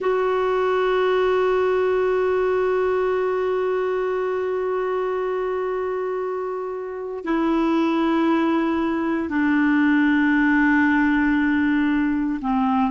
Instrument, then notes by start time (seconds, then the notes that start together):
clarinet
0.00 F#4
7.24 E4
9.29 D4
12.41 C4